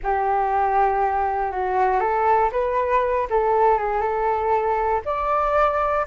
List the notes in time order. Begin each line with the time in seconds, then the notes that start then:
0.03 G4
1.51 F#4
2.00 A4
2.51 B4
3.29 A4
3.78 G#4
4.01 A4
5.05 D5